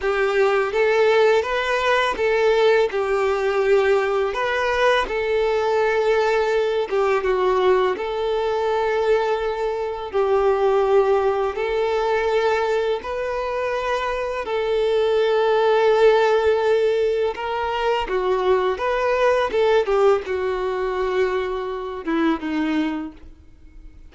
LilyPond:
\new Staff \with { instrumentName = "violin" } { \time 4/4 \tempo 4 = 83 g'4 a'4 b'4 a'4 | g'2 b'4 a'4~ | a'4. g'8 fis'4 a'4~ | a'2 g'2 |
a'2 b'2 | a'1 | ais'4 fis'4 b'4 a'8 g'8 | fis'2~ fis'8 e'8 dis'4 | }